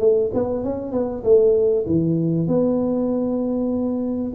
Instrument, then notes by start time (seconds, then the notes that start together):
tuba
0.00 A3
0.34 B3
0.64 C#4
0.92 B3
1.24 A3
1.86 E3
2.47 B3